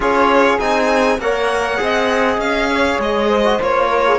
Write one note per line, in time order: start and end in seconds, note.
0.00 0.57 C#4
0.00 0.58 F4
0.00 1.19 G#4
0.00 0.59 C#5
0.59 1.18 C4
0.59 1.19 D#4
0.59 1.19 G#5
1.18 1.78 A#3
1.18 1.77 A#4
1.18 1.82 C#5
1.18 2.40 F#5
1.77 2.37 C4
1.77 3.42 G#4
1.77 2.71 D#5
2.37 2.97 C#4
2.37 3.00 F5
2.71 3.28 C#5
2.98 3.58 G#3
2.98 3.62 D#5
3.28 3.87 C5
3.44 3.59 F#4
3.60 4.19 A#3
3.60 4.19 F4
3.60 4.19 C#5
3.87 4.02 A#4
4.07 4.19 G#4